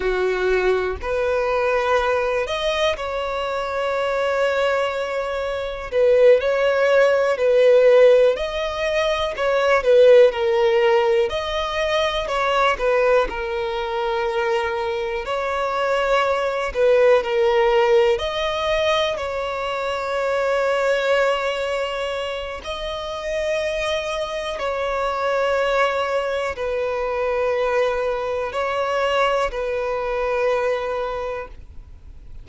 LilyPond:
\new Staff \with { instrumentName = "violin" } { \time 4/4 \tempo 4 = 61 fis'4 b'4. dis''8 cis''4~ | cis''2 b'8 cis''4 b'8~ | b'8 dis''4 cis''8 b'8 ais'4 dis''8~ | dis''8 cis''8 b'8 ais'2 cis''8~ |
cis''4 b'8 ais'4 dis''4 cis''8~ | cis''2. dis''4~ | dis''4 cis''2 b'4~ | b'4 cis''4 b'2 | }